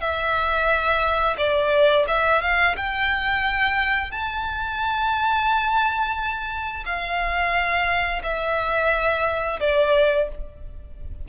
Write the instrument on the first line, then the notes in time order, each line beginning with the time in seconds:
violin
0.00 E5
1.38 D5
2.08 E5
2.41 F5
2.77 G5
4.11 A5
6.85 F5
8.23 E5
9.60 D5